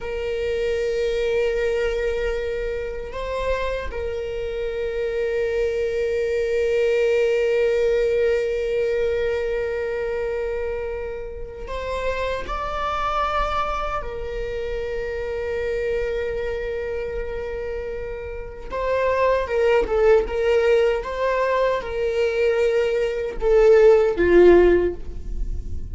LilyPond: \new Staff \with { instrumentName = "viola" } { \time 4/4 \tempo 4 = 77 ais'1 | c''4 ais'2.~ | ais'1~ | ais'2. c''4 |
d''2 ais'2~ | ais'1 | c''4 ais'8 a'8 ais'4 c''4 | ais'2 a'4 f'4 | }